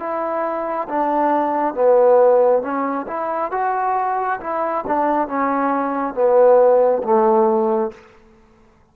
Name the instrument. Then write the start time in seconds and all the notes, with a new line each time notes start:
trombone
0.00 E4
0.89 D4
1.74 B3
2.62 C#4
3.08 E4
3.52 F#4
4.41 E4
4.87 D4
5.28 C#4
6.14 B3
7.03 A3